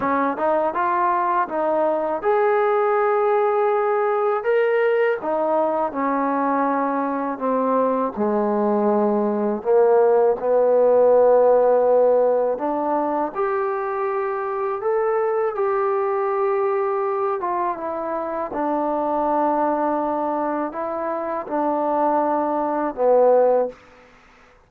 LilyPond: \new Staff \with { instrumentName = "trombone" } { \time 4/4 \tempo 4 = 81 cis'8 dis'8 f'4 dis'4 gis'4~ | gis'2 ais'4 dis'4 | cis'2 c'4 gis4~ | gis4 ais4 b2~ |
b4 d'4 g'2 | a'4 g'2~ g'8 f'8 | e'4 d'2. | e'4 d'2 b4 | }